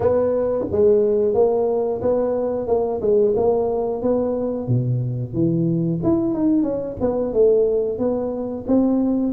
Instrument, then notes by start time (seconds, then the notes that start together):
tuba
0.00 B3
0.72 G#3
1.34 A#3
2.01 B3
2.67 A#3
3.01 G#3
3.35 A#3
4.02 B3
4.67 B2
5.33 E3
6.03 E4
6.34 D#4
6.62 C#4
7.00 B3
7.33 A3
7.98 B3
8.67 C4